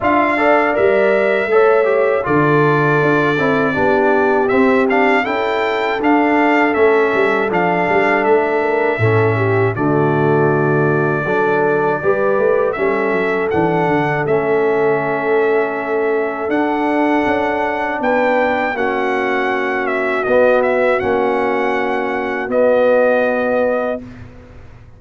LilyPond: <<
  \new Staff \with { instrumentName = "trumpet" } { \time 4/4 \tempo 4 = 80 f''4 e''2 d''4~ | d''2 e''8 f''8 g''4 | f''4 e''4 f''4 e''4~ | e''4 d''2.~ |
d''4 e''4 fis''4 e''4~ | e''2 fis''2 | g''4 fis''4. e''8 dis''8 e''8 | fis''2 dis''2 | }
  \new Staff \with { instrumentName = "horn" } { \time 4/4 e''8 d''4. cis''4 a'4~ | a'4 g'2 a'4~ | a'2.~ a'8 ais'8 | a'8 g'8 fis'2 a'4 |
b'4 a'2.~ | a'1 | b'4 fis'2.~ | fis'1 | }
  \new Staff \with { instrumentName = "trombone" } { \time 4/4 f'8 a'8 ais'4 a'8 g'8 f'4~ | f'8 e'8 d'4 c'8 d'8 e'4 | d'4 cis'4 d'2 | cis'4 a2 d'4 |
g'4 cis'4 d'4 cis'4~ | cis'2 d'2~ | d'4 cis'2 b4 | cis'2 b2 | }
  \new Staff \with { instrumentName = "tuba" } { \time 4/4 d'4 g4 a4 d4 | d'8 c'8 b4 c'4 cis'4 | d'4 a8 g8 f8 g8 a4 | a,4 d2 fis4 |
g8 a8 g8 fis8 e8 d8 a4~ | a2 d'4 cis'4 | b4 ais2 b4 | ais2 b2 | }
>>